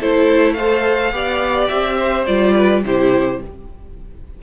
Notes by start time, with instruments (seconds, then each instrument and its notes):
0.00 cello A3, viola E4, violin A4 C5
0.54 viola A4, violin C5 F5
1.12 cello B3, viola G4, violin D5
1.69 cello C4, violin E5
1.98 violin C5
2.26 cello G3, viola F4, violin D5
2.55 violin B4
2.84 cello C3, viola E4, violin G4 C5